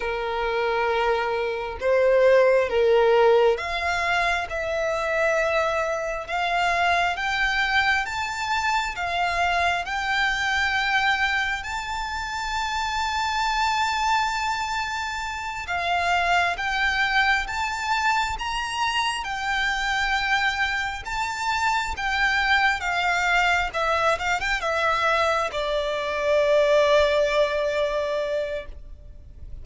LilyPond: \new Staff \with { instrumentName = "violin" } { \time 4/4 \tempo 4 = 67 ais'2 c''4 ais'4 | f''4 e''2 f''4 | g''4 a''4 f''4 g''4~ | g''4 a''2.~ |
a''4. f''4 g''4 a''8~ | a''8 ais''4 g''2 a''8~ | a''8 g''4 f''4 e''8 f''16 g''16 e''8~ | e''8 d''2.~ d''8 | }